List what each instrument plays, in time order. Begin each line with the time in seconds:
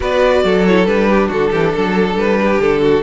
0.00 cello B3, viola F#4, violin B4 D5
0.44 cello F#3, violin A4
0.66 viola E4, violin C#5
0.85 cello G3, viola D4, violin B4
1.08 violin G4
1.28 cello D3, violin F#4 A4
1.50 cello E3, violin G4
1.74 cello F#3, violin A4
2.15 cello G3, violin B4
2.40 violin G4
2.59 cello D3, violin A4
2.82 violin F#4